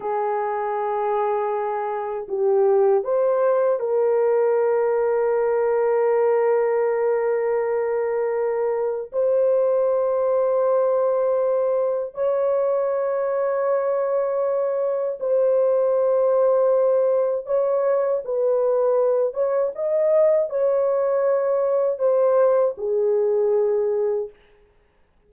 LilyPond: \new Staff \with { instrumentName = "horn" } { \time 4/4 \tempo 4 = 79 gis'2. g'4 | c''4 ais'2.~ | ais'1 | c''1 |
cis''1 | c''2. cis''4 | b'4. cis''8 dis''4 cis''4~ | cis''4 c''4 gis'2 | }